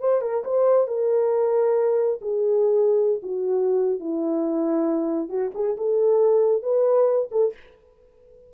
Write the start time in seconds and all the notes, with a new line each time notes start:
0.00 C5
0.21 A#4
0.44 C5
0.87 A#4
2.22 G#4
3.23 F#4
4.00 E4
5.29 F#4
5.55 G#4
5.77 A4
6.63 B4
7.31 A4